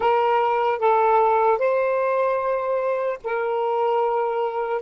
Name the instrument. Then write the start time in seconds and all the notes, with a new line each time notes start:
saxophone
0.00 A#4
0.78 A4
1.58 C5
3.24 A#4